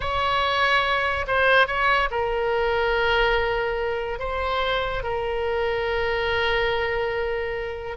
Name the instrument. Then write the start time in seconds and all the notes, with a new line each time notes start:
oboe
0.00 C#5
1.27 C5
1.67 C#5
2.10 A#4
4.19 C5
5.03 A#4